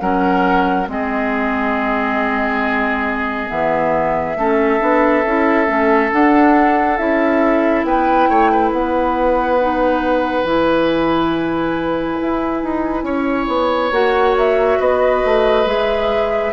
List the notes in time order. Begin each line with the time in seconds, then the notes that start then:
0.00 F#3 C#4 A#4 F#5
0.87 G#3 C4 G#4 D#5
3.48 E3 B3 E5
4.36 A3 C#4 A4
4.80 B3 D4
5.25 C#4 E4
5.66 A3 C#4
6.12 D4 F#5
6.98 C#4 E4 E5
7.84 B3 B4 G5
8.29 A3 C#5
8.52 B4
8.72 B3 F#5
9.60 D#4
10.44 E3 E4 G#5
12.22 E4
12.63 D#4
13.03 C#4 C#5
13.48 B3
13.92 A#3 F#4 F#5
14.38 E5
14.80 B3 B4 D#5
15.25 A3
15.66 G#3 G#4 E5